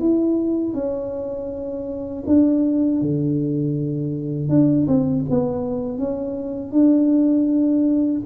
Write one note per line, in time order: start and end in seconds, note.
0.00 0.74 E4
0.74 2.24 C#4
2.27 3.02 D4
3.02 4.49 D3
4.49 4.87 D4
4.88 5.25 C4
5.30 5.99 B3
5.99 6.72 C#4
6.72 8.22 D4